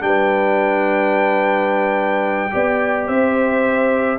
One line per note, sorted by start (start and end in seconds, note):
0.00 2.51 G3
0.00 2.50 D4
0.00 2.53 B4
0.00 3.07 G5
2.51 3.08 B3
2.51 4.18 G4
2.51 3.07 D5
3.07 4.19 C4
3.07 4.18 C5
3.07 4.19 E5